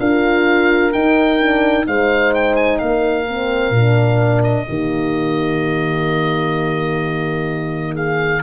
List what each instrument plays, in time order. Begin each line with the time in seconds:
0.00 tuba D4, horn F4 A#4, oboe F5
0.93 horn D#4, tuba D#4, oboe G5
1.40 horn D4
1.85 tuba G#3, horn D#4 C5, oboe F5
2.34 oboe G5
2.56 oboe G#5
2.79 tuba A#3, horn A#4, oboe F5
3.29 horn C4
3.71 tuba A#2, horn D4
4.44 oboe D#5
4.67 tuba D#3, horn A#3 G4
7.94 horn G#4, oboe F5